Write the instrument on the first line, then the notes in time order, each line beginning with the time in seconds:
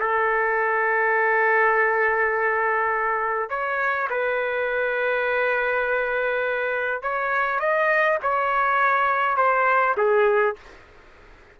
trumpet
0.00 A4
3.50 C#5
4.10 B4
7.03 C#5
7.60 D#5
8.22 C#5
9.37 C5
9.97 G#4